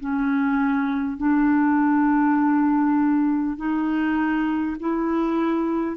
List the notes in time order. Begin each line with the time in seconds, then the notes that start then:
0.00 C#4
1.18 D4
3.57 D#4
4.80 E4